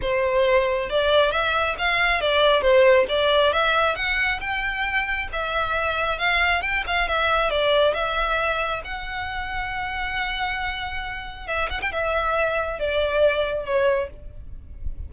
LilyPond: \new Staff \with { instrumentName = "violin" } { \time 4/4 \tempo 4 = 136 c''2 d''4 e''4 | f''4 d''4 c''4 d''4 | e''4 fis''4 g''2 | e''2 f''4 g''8 f''8 |
e''4 d''4 e''2 | fis''1~ | fis''2 e''8 fis''16 g''16 e''4~ | e''4 d''2 cis''4 | }